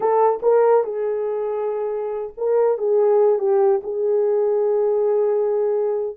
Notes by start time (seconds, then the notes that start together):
0.00 A4
0.42 A#4
0.83 G#4
2.37 A#4
2.78 G#4
3.38 G4
3.83 G#4